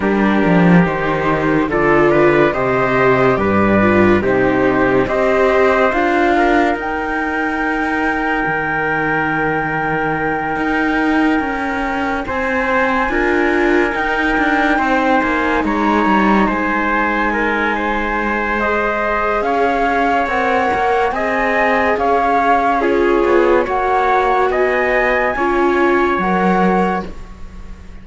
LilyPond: <<
  \new Staff \with { instrumentName = "flute" } { \time 4/4 \tempo 4 = 71 ais'4 c''4 d''4 dis''4 | d''4 c''4 dis''4 f''4 | g''1~ | g''2~ g''8 gis''4.~ |
gis''8 g''4. gis''8 ais''4 gis''8~ | gis''2 dis''4 f''4 | fis''4 gis''4 f''4 cis''4 | fis''4 gis''2 fis''4 | }
  \new Staff \with { instrumentName = "trumpet" } { \time 4/4 g'2 a'8 b'8 c''4 | b'4 g'4 c''4. ais'8~ | ais'1~ | ais'2~ ais'8 c''4 ais'8~ |
ais'4. c''4 cis''4 c''8~ | c''8 ais'8 c''2 cis''4~ | cis''4 dis''4 cis''4 gis'4 | cis''4 dis''4 cis''2 | }
  \new Staff \with { instrumentName = "viola" } { \time 4/4 d'4 dis'4 f'4 g'4~ | g'8 f'8 dis'4 g'4 f'4 | dis'1~ | dis'2.~ dis'8 f'8~ |
f'8 dis'2.~ dis'8~ | dis'2 gis'2 | ais'4 gis'2 f'4 | fis'2 f'4 ais'4 | }
  \new Staff \with { instrumentName = "cello" } { \time 4/4 g8 f8 dis4 d4 c4 | g,4 c4 c'4 d'4 | dis'2 dis2~ | dis8 dis'4 cis'4 c'4 d'8~ |
d'8 dis'8 d'8 c'8 ais8 gis8 g8 gis8~ | gis2. cis'4 | c'8 ais8 c'4 cis'4. b8 | ais4 b4 cis'4 fis4 | }
>>